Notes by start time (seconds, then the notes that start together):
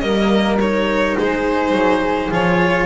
0.00 G3 A#3 A#4 D#5
0.61 D#4 C#5
1.17 G#3 G#4 C5
1.72 F#3
2.31 F3 F4 C#5